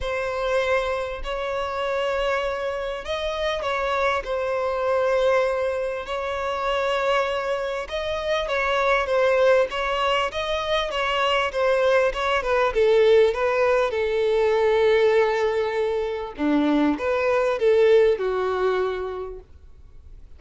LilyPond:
\new Staff \with { instrumentName = "violin" } { \time 4/4 \tempo 4 = 99 c''2 cis''2~ | cis''4 dis''4 cis''4 c''4~ | c''2 cis''2~ | cis''4 dis''4 cis''4 c''4 |
cis''4 dis''4 cis''4 c''4 | cis''8 b'8 a'4 b'4 a'4~ | a'2. d'4 | b'4 a'4 fis'2 | }